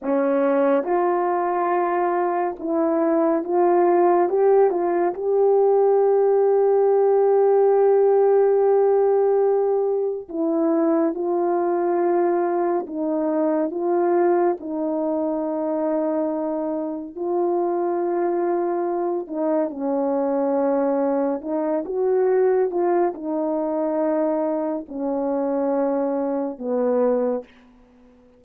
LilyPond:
\new Staff \with { instrumentName = "horn" } { \time 4/4 \tempo 4 = 70 cis'4 f'2 e'4 | f'4 g'8 f'8 g'2~ | g'1 | e'4 f'2 dis'4 |
f'4 dis'2. | f'2~ f'8 dis'8 cis'4~ | cis'4 dis'8 fis'4 f'8 dis'4~ | dis'4 cis'2 b4 | }